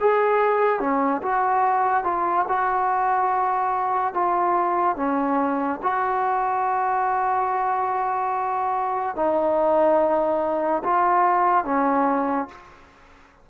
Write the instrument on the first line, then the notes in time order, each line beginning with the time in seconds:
trombone
0.00 G#4
0.79 C#4
1.22 F#4
2.03 F4
2.48 F#4
4.14 F4
4.96 C#4
5.82 F#4
9.16 D#4
10.83 F4
11.64 C#4